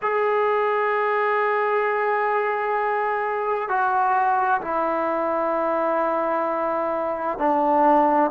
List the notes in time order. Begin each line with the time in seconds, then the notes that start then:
0.02 G#4
3.68 F#4
4.61 E4
7.38 D4